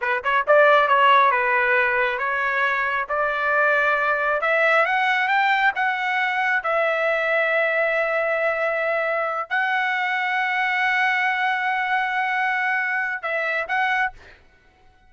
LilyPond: \new Staff \with { instrumentName = "trumpet" } { \time 4/4 \tempo 4 = 136 b'8 cis''8 d''4 cis''4 b'4~ | b'4 cis''2 d''4~ | d''2 e''4 fis''4 | g''4 fis''2 e''4~ |
e''1~ | e''4. fis''2~ fis''8~ | fis''1~ | fis''2 e''4 fis''4 | }